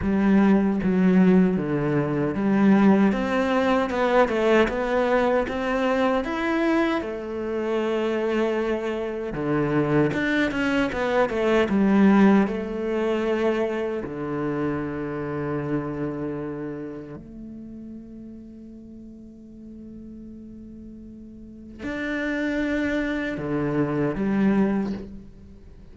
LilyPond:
\new Staff \with { instrumentName = "cello" } { \time 4/4 \tempo 4 = 77 g4 fis4 d4 g4 | c'4 b8 a8 b4 c'4 | e'4 a2. | d4 d'8 cis'8 b8 a8 g4 |
a2 d2~ | d2 a2~ | a1 | d'2 d4 g4 | }